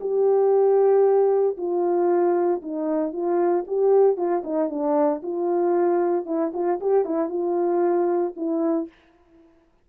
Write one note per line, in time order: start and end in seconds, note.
0.00 1.57 G4
1.57 2.61 F4
2.62 3.12 D#4
3.12 3.65 F4
3.67 4.17 G4
4.17 4.43 F4
4.44 4.69 D#4
4.69 5.22 D4
5.22 6.25 F4
6.25 6.51 E4
6.53 6.79 F4
6.80 7.05 G4
7.05 7.29 E4
7.29 8.33 F4
8.36 8.88 E4